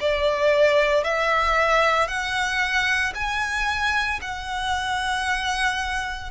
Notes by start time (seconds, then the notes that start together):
0.00 D5
1.03 E5
2.08 F#5
3.14 G#5
4.21 F#5